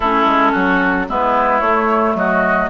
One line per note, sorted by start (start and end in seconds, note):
0.00 0.25 A3
0.00 1.08 C#4
0.00 0.52 E4
0.00 1.08 A4
0.25 0.52 G#3
0.52 1.08 F#3
0.52 1.06 F#4
1.08 1.60 G#3
1.08 1.62 B3
1.08 2.16 E4
1.08 1.59 B4
1.59 2.14 A3
1.59 2.70 A3
1.59 2.13 C#5
2.14 2.68 F#3
2.14 2.70 F#4
2.14 2.70 D#5